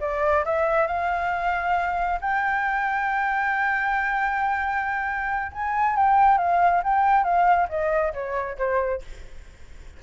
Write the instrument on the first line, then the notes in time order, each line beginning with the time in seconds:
flute
0.00 D5
0.45 E5
0.87 F5
2.21 G5
5.52 G#5
5.96 G5
6.37 F5
6.83 G5
7.23 F5
7.68 D#5
8.13 C#5
8.57 C5